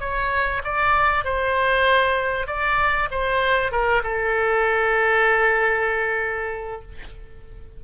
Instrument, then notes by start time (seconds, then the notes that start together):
oboe
0.00 C#5
0.64 D5
1.25 C5
2.47 D5
3.11 C5
3.72 A#4
4.03 A4